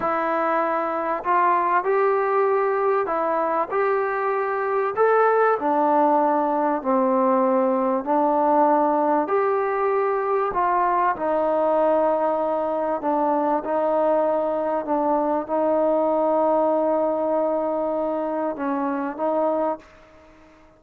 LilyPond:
\new Staff \with { instrumentName = "trombone" } { \time 4/4 \tempo 4 = 97 e'2 f'4 g'4~ | g'4 e'4 g'2 | a'4 d'2 c'4~ | c'4 d'2 g'4~ |
g'4 f'4 dis'2~ | dis'4 d'4 dis'2 | d'4 dis'2.~ | dis'2 cis'4 dis'4 | }